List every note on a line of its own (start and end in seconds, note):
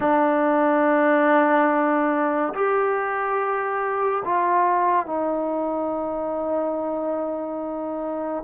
0.00 2.53 D4
2.54 4.23 G4
4.24 5.06 F4
5.06 8.43 D#4